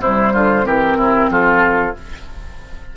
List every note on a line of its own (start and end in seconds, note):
0.00 0.32 C3
0.00 0.64 G3
0.00 0.32 E4
0.00 0.66 C5
0.32 0.65 D3
0.32 0.65 F4
0.64 0.95 E3
0.64 1.93 C4
0.64 0.97 G4
0.64 1.31 A#4
0.95 1.28 C3
0.95 1.29 E4
1.29 1.94 F3
1.29 1.95 F4
1.29 1.96 A4